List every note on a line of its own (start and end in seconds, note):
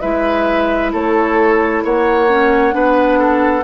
0.00 0.94 G#3
0.00 2.29 E4
0.00 0.92 B4
0.00 0.91 E5
0.93 1.84 A3
0.93 1.84 A4
0.93 1.84 C#5
1.84 2.74 A#3
1.84 2.75 C#5
1.84 3.64 F#5
2.29 2.72 C#4
2.72 3.64 B3
2.72 3.63 D4
2.72 3.19 B4
3.19 3.64 A4